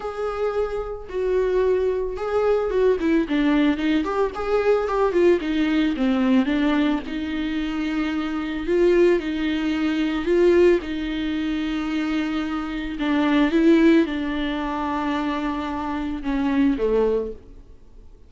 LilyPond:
\new Staff \with { instrumentName = "viola" } { \time 4/4 \tempo 4 = 111 gis'2 fis'2 | gis'4 fis'8 e'8 d'4 dis'8 g'8 | gis'4 g'8 f'8 dis'4 c'4 | d'4 dis'2. |
f'4 dis'2 f'4 | dis'1 | d'4 e'4 d'2~ | d'2 cis'4 a4 | }